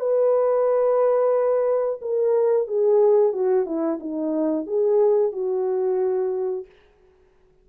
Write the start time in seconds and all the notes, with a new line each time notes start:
0.00 B4
2.02 A#4
2.67 G#4
3.32 F#4
3.66 E4
4.00 D#4
4.67 G#4
5.32 F#4